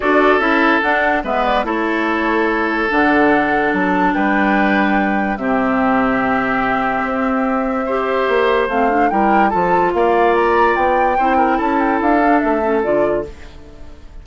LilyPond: <<
  \new Staff \with { instrumentName = "flute" } { \time 4/4 \tempo 4 = 145 d''4 e''4 fis''4 e''8 d''8 | cis''2. fis''4~ | fis''4 a''4 g''2~ | g''4 e''2.~ |
e''1~ | e''4 f''4 g''4 a''4 | f''4 ais''4 g''2 | a''8 g''8 f''4 e''4 d''4 | }
  \new Staff \with { instrumentName = "oboe" } { \time 4/4 a'2. b'4 | a'1~ | a'2 b'2~ | b'4 g'2.~ |
g'2. c''4~ | c''2 ais'4 a'4 | d''2. c''8 ais'8 | a'1 | }
  \new Staff \with { instrumentName = "clarinet" } { \time 4/4 fis'4 e'4 d'4 b4 | e'2. d'4~ | d'1~ | d'4 c'2.~ |
c'2. g'4~ | g'4 c'8 d'8 e'4 f'4~ | f'2. e'4~ | e'4. d'4 cis'8 f'4 | }
  \new Staff \with { instrumentName = "bassoon" } { \time 4/4 d'4 cis'4 d'4 gis4 | a2. d4~ | d4 fis4 g2~ | g4 c2.~ |
c4 c'2. | ais4 a4 g4 f4 | ais2 b4 c'4 | cis'4 d'4 a4 d4 | }
>>